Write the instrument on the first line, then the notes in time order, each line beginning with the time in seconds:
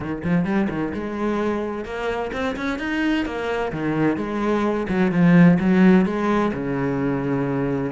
cello
0.00 D#3
0.24 F3
0.44 G3
0.69 D#3
0.93 G#3
1.84 A#3
2.32 C4
2.56 C#4
2.79 D#4
3.25 A#3
3.72 D#3
4.16 G#3
4.88 F#3
5.11 F3
5.59 F#3
6.05 G#3
6.53 C#3